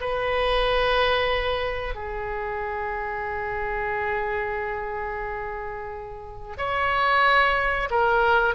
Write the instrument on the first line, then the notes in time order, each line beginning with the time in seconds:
oboe
0.00 B4
1.95 G#4
6.57 C#5
7.90 A#4